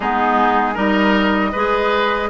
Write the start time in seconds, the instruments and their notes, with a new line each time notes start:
0.00 bassoon G#3, clarinet B3, oboe D#4, flute G#4
0.74 bassoon G3, clarinet D#4, oboe A#4, flute D#5
1.52 bassoon G#3, clarinet G#4, oboe B4